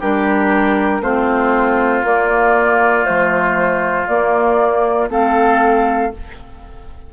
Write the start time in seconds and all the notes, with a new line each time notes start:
0.00 G3 D4 G4 A#4
1.01 A3 C4 F4 C5
2.03 A#3 D5
3.03 F3 A3 C5
4.07 A#3 D5
5.10 A3 C4 A4 F5